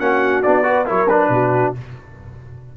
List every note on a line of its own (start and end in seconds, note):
0.00 0.44 A#3
0.00 0.44 C#4
0.00 0.67 F#4
0.00 0.43 F#5
0.43 0.90 B3
0.43 0.64 D4
0.43 0.87 D5
0.64 0.86 F#4
0.64 0.87 B4
0.86 1.30 F#3
0.86 1.08 E4
0.86 1.30 A#4
0.86 1.09 C#5
1.09 1.75 D4
1.09 1.74 B4
1.30 1.73 B2
1.30 1.77 F#4